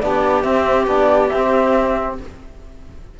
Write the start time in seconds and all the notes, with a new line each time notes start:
0.00 B3 D4 G4 D5
0.43 C4 E5
0.87 B3 D4 D5
1.30 C4 E5